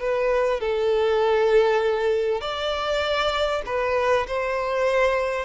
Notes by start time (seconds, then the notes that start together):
0.00 B4
0.60 A4
2.41 D5
3.66 B4
4.28 C5